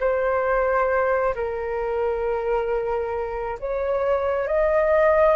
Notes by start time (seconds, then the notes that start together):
0.00 C5
1.35 A#4
3.59 C#5
4.47 D#5